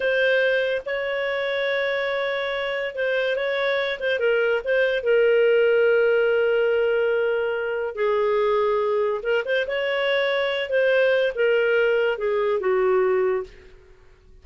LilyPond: \new Staff \with { instrumentName = "clarinet" } { \time 4/4 \tempo 4 = 143 c''2 cis''2~ | cis''2. c''4 | cis''4. c''8 ais'4 c''4 | ais'1~ |
ais'2. gis'4~ | gis'2 ais'8 c''8 cis''4~ | cis''4. c''4. ais'4~ | ais'4 gis'4 fis'2 | }